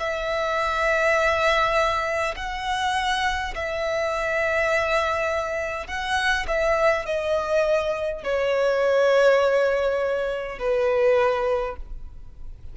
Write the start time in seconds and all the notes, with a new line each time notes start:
0.00 E5
2.36 F#5
3.56 E5
5.88 F#5
6.48 E5
7.06 D#5
8.24 C#5
10.59 B4